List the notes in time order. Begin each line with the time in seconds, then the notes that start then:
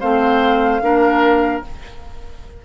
0.00 A3 C4 C5 F5
0.81 A#3 D4 A#4